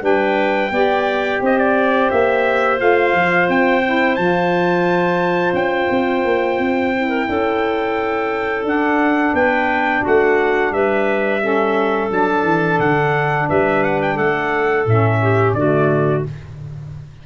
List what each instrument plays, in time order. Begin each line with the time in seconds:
0.00 tuba G3, saxophone D4, clarinet B4, trumpet G5
0.71 tuba B3, saxophone G4, clarinet D5
1.41 tuba C4, clarinet C5, trumpet D#5
1.58 trumpet D5
2.10 tuba A#3, trumpet E5
2.77 tuba A3, saxophone F4, trumpet F5
3.14 tuba F3
3.49 tuba C4, trumpet G5
3.85 saxophone E4
4.16 tuba F3, saxophone F4, trumpet A5
5.53 tuba C#4, trumpet G5
5.90 tuba C4
6.24 tuba A#3
6.58 tuba C4
6.93 saxophone E4
7.08 clarinet A#4
7.29 tuba C#4, clarinet A4
8.64 saxophone D4, tuba D4, trumpet F#5
9.33 tuba B3, clarinet B4, trumpet G5
10.02 tuba A3, clarinet F#4, trumpet F#5
10.71 tuba G3, clarinet B4, trumpet E5
11.40 saxophone C#4, clarinet A4
12.09 tuba F#3, saxophone D4, trumpet A5
12.43 tuba E3
12.79 tuba D3, trumpet F#5
13.49 tuba G3, clarinet B4, trumpet E5
13.83 trumpet F#5
14.02 trumpet G5
14.15 tuba A3, clarinet A4, trumpet F#5
14.86 tuba A2, saxophone C#4, trumpet E5
15.22 clarinet G4
15.54 tuba D3, saxophone A3, clarinet F#4, trumpet D5